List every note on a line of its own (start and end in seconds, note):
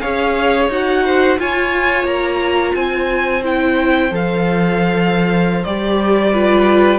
0.00 0.69 C#4
0.00 0.70 G#4
0.00 1.04 C#5
0.00 0.68 F5
0.69 1.37 D#4
0.69 1.38 F#4
0.69 1.39 F#5
1.05 1.39 C5
1.38 3.42 F4
1.38 2.04 F4
1.38 2.74 C#5
1.38 2.06 G#5
2.04 2.72 A#3
2.04 2.74 A#5
2.74 4.11 C4
2.74 6.32 C5
2.74 3.42 G#5
3.43 4.11 E4
3.43 4.13 G5
4.11 5.64 F3
4.11 5.64 A4
4.11 5.64 F5
5.64 6.99 G3
5.64 6.34 G4
5.64 6.99 D5
6.33 6.99 F4
6.33 6.99 B4